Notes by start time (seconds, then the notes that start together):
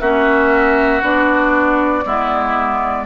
0.00 A#3 C#4 F#4 E5
1.02 B3 D4 D5
2.05 G#3 B3 E4